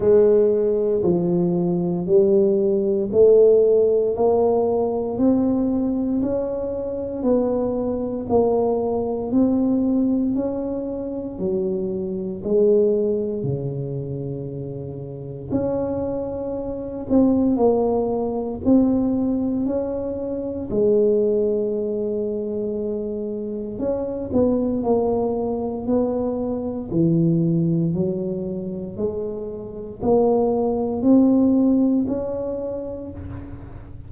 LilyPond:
\new Staff \with { instrumentName = "tuba" } { \time 4/4 \tempo 4 = 58 gis4 f4 g4 a4 | ais4 c'4 cis'4 b4 | ais4 c'4 cis'4 fis4 | gis4 cis2 cis'4~ |
cis'8 c'8 ais4 c'4 cis'4 | gis2. cis'8 b8 | ais4 b4 e4 fis4 | gis4 ais4 c'4 cis'4 | }